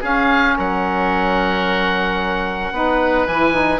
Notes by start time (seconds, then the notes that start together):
0.00 C#4 G#4 F5
0.57 F#3 A#4 F#5
2.71 B3 D#4 B4
3.26 E3 E4 G#5
3.52 D#4